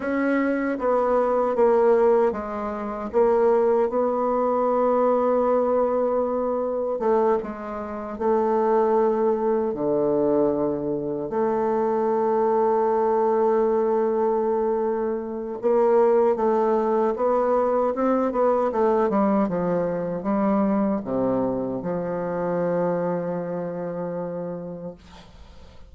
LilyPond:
\new Staff \with { instrumentName = "bassoon" } { \time 4/4 \tempo 4 = 77 cis'4 b4 ais4 gis4 | ais4 b2.~ | b4 a8 gis4 a4.~ | a8 d2 a4.~ |
a1 | ais4 a4 b4 c'8 b8 | a8 g8 f4 g4 c4 | f1 | }